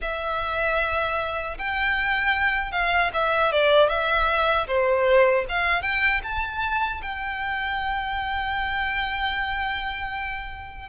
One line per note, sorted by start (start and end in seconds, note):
0.01 1.57 E5
1.58 2.71 G5
2.71 3.10 F5
3.13 3.51 E5
3.51 3.88 D5
3.88 4.66 E5
4.67 5.45 C5
5.48 5.82 F5
5.82 6.21 G5
6.23 7.01 A5
7.02 10.88 G5